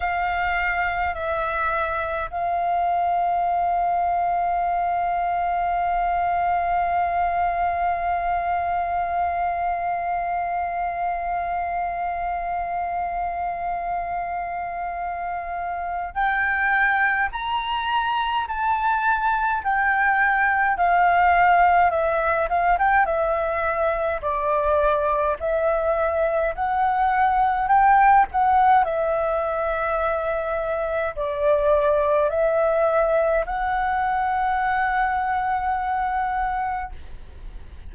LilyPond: \new Staff \with { instrumentName = "flute" } { \time 4/4 \tempo 4 = 52 f''4 e''4 f''2~ | f''1~ | f''1~ | f''2 g''4 ais''4 |
a''4 g''4 f''4 e''8 f''16 g''16 | e''4 d''4 e''4 fis''4 | g''8 fis''8 e''2 d''4 | e''4 fis''2. | }